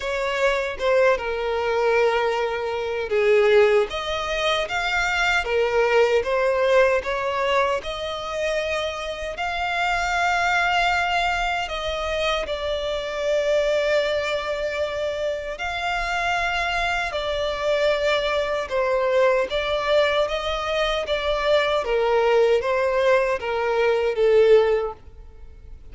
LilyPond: \new Staff \with { instrumentName = "violin" } { \time 4/4 \tempo 4 = 77 cis''4 c''8 ais'2~ ais'8 | gis'4 dis''4 f''4 ais'4 | c''4 cis''4 dis''2 | f''2. dis''4 |
d''1 | f''2 d''2 | c''4 d''4 dis''4 d''4 | ais'4 c''4 ais'4 a'4 | }